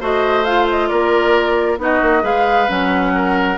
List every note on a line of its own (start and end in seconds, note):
0.00 0.90 A3
0.00 0.45 F#4
0.00 0.89 C5
0.00 0.44 D#5
0.44 1.79 F4
0.44 0.67 F5
0.70 0.87 D#5
0.87 1.78 A#3
0.87 1.78 A#4
0.87 1.77 D5
1.78 2.01 B3
1.78 2.22 D#4
1.78 2.23 F#4
1.78 2.25 D#5
2.02 2.23 A#3
2.22 2.68 G#3
2.22 2.67 G#4
2.22 3.12 B4
2.22 2.69 F5
2.68 3.58 F#3
2.68 3.57 C#4
2.68 3.58 F#5
3.15 3.58 A#4